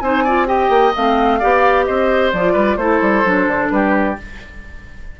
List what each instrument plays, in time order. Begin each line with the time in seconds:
0.00 bassoon C4, clarinet D#4, oboe C5, flute G#5
0.24 clarinet F4, oboe D5
0.46 clarinet G4, oboe D#5, flute G5
0.69 bassoon A#3
0.95 bassoon A3, clarinet C4, flute F5
1.39 bassoon B3, clarinet G4, oboe D5
1.85 bassoon C4, oboe C5, flute D#5
2.32 bassoon F3, clarinet F4, flute D5
2.53 bassoon G3, oboe B4
2.77 bassoon A3, clarinet E4, oboe A4, flute C5
3.01 bassoon G3
3.25 bassoon F#3, clarinet D4
3.47 bassoon D3
3.70 bassoon G3, oboe G4, flute B4